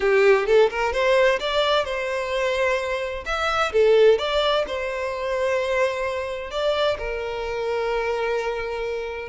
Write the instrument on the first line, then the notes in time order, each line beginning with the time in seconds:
violin
0.00 G4
0.46 A4
0.70 A#4
0.92 C5
1.39 D5
1.84 C5
3.25 E5
3.72 A4
4.18 D5
4.67 C5
6.50 D5
6.98 A#4